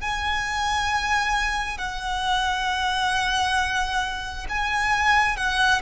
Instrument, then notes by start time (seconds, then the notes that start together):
violin
0.00 G#5
1.77 F#5
4.49 G#5
5.36 F#5